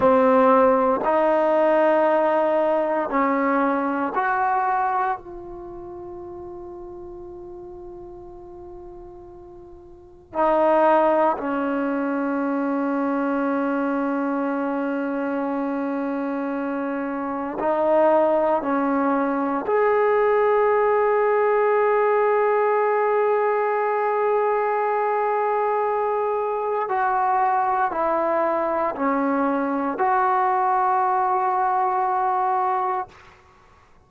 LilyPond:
\new Staff \with { instrumentName = "trombone" } { \time 4/4 \tempo 4 = 58 c'4 dis'2 cis'4 | fis'4 f'2.~ | f'2 dis'4 cis'4~ | cis'1~ |
cis'4 dis'4 cis'4 gis'4~ | gis'1~ | gis'2 fis'4 e'4 | cis'4 fis'2. | }